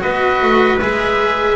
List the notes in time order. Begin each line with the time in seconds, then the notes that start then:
0.00 B3 F#4 B4 D#5
0.42 A3
0.80 G#3 G#4 E5